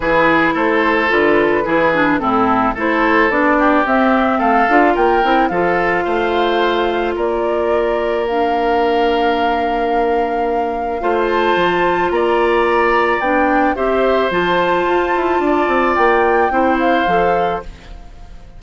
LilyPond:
<<
  \new Staff \with { instrumentName = "flute" } { \time 4/4 \tempo 4 = 109 b'4 c''4 b'2 | a'4 c''4 d''4 e''4 | f''4 g''4 f''2~ | f''4 d''2 f''4~ |
f''1~ | f''8 a''4. ais''2 | g''4 e''4 a''2~ | a''4 g''4. f''4. | }
  \new Staff \with { instrumentName = "oboe" } { \time 4/4 gis'4 a'2 gis'4 | e'4 a'4. g'4. | a'4 ais'4 a'4 c''4~ | c''4 ais'2.~ |
ais'1 | c''2 d''2~ | d''4 c''2. | d''2 c''2 | }
  \new Staff \with { instrumentName = "clarinet" } { \time 4/4 e'2 f'4 e'8 d'8 | c'4 e'4 d'4 c'4~ | c'8 f'4 e'8 f'2~ | f'2. d'4~ |
d'1 | f'1 | d'4 g'4 f'2~ | f'2 e'4 a'4 | }
  \new Staff \with { instrumentName = "bassoon" } { \time 4/4 e4 a4 d4 e4 | a,4 a4 b4 c'4 | a8 d'8 ais8 c'8 f4 a4~ | a4 ais2.~ |
ais1 | a4 f4 ais2 | b4 c'4 f4 f'8 e'8 | d'8 c'8 ais4 c'4 f4 | }
>>